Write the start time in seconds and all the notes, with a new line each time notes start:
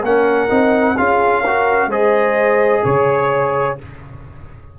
0.00 A#3 C#4 A#4 F#5
0.49 C4 D#4
0.97 C#4 F4 G#4 F5
1.41 F#4 A#4
1.86 G#3 G#4 C5 D#5
2.84 C#3 C#5